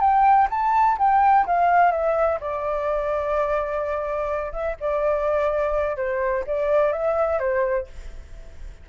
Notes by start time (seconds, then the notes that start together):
0.00 G5
0.50 A5
0.98 G5
1.46 F5
1.91 E5
2.40 D5
4.52 E5
4.80 D5
5.97 C5
6.47 D5
6.92 E5
7.39 C5